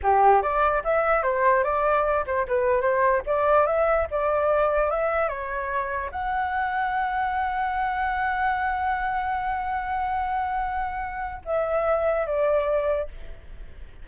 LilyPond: \new Staff \with { instrumentName = "flute" } { \time 4/4 \tempo 4 = 147 g'4 d''4 e''4 c''4 | d''4. c''8 b'4 c''4 | d''4 e''4 d''2 | e''4 cis''2 fis''4~ |
fis''1~ | fis''1~ | fis''1 | e''2 d''2 | }